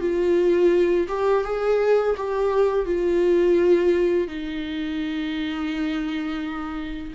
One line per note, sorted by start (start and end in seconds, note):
0.00 1.07 F4
1.08 1.44 G4
1.44 2.15 G#4
2.16 2.85 G4
2.85 4.27 F4
4.27 7.13 D#4